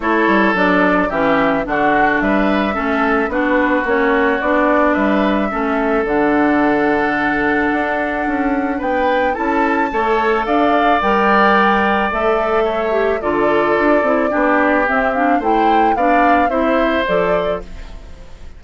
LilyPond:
<<
  \new Staff \with { instrumentName = "flute" } { \time 4/4 \tempo 4 = 109 cis''4 d''4 e''4 fis''4 | e''2 b'4 cis''4 | d''4 e''2 fis''4~ | fis''1 |
g''4 a''2 f''4 | g''2 e''2 | d''2. e''8 f''8 | g''4 f''4 e''4 d''4 | }
  \new Staff \with { instrumentName = "oboe" } { \time 4/4 a'2 g'4 fis'4 | b'4 a'4 fis'2~ | fis'4 b'4 a'2~ | a'1 |
b'4 a'4 cis''4 d''4~ | d''2. cis''4 | a'2 g'2 | c''4 d''4 c''2 | }
  \new Staff \with { instrumentName = "clarinet" } { \time 4/4 e'4 d'4 cis'4 d'4~ | d'4 cis'4 d'4 cis'4 | d'2 cis'4 d'4~ | d'1~ |
d'4 e'4 a'2 | ais'2 a'4. g'8 | f'4. e'8 d'4 c'8 d'8 | e'4 d'4 e'4 a'4 | }
  \new Staff \with { instrumentName = "bassoon" } { \time 4/4 a8 g8 fis4 e4 d4 | g4 a4 b4 ais4 | b4 g4 a4 d4~ | d2 d'4 cis'4 |
b4 cis'4 a4 d'4 | g2 a2 | d4 d'8 c'8 b4 c'4 | a4 b4 c'4 f4 | }
>>